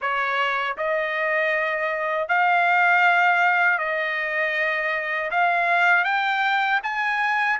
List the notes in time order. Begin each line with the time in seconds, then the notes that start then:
0.01 C#5
0.77 D#5
2.28 F5
3.78 D#5
5.30 F5
6.04 G5
6.83 G#5